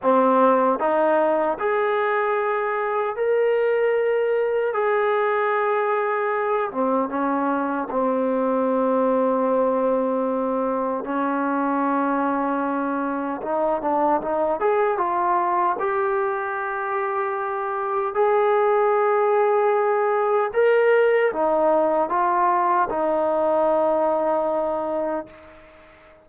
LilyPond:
\new Staff \with { instrumentName = "trombone" } { \time 4/4 \tempo 4 = 76 c'4 dis'4 gis'2 | ais'2 gis'2~ | gis'8 c'8 cis'4 c'2~ | c'2 cis'2~ |
cis'4 dis'8 d'8 dis'8 gis'8 f'4 | g'2. gis'4~ | gis'2 ais'4 dis'4 | f'4 dis'2. | }